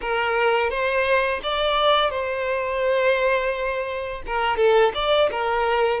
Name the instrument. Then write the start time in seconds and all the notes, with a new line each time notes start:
violin
0.01 A#4
0.70 C5
1.43 D5
2.10 C5
4.26 A#4
4.56 A4
4.94 D5
5.31 A#4